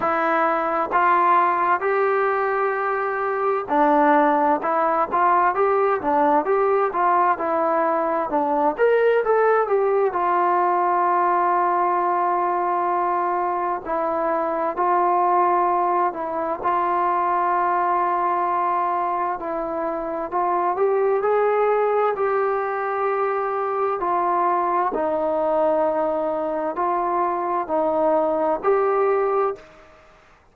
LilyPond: \new Staff \with { instrumentName = "trombone" } { \time 4/4 \tempo 4 = 65 e'4 f'4 g'2 | d'4 e'8 f'8 g'8 d'8 g'8 f'8 | e'4 d'8 ais'8 a'8 g'8 f'4~ | f'2. e'4 |
f'4. e'8 f'2~ | f'4 e'4 f'8 g'8 gis'4 | g'2 f'4 dis'4~ | dis'4 f'4 dis'4 g'4 | }